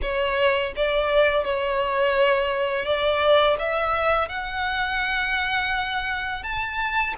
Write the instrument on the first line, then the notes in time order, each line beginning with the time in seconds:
violin
0.02 C#5
0.76 D5
1.44 C#5
2.85 D5
3.58 E5
4.29 F#5
6.43 A5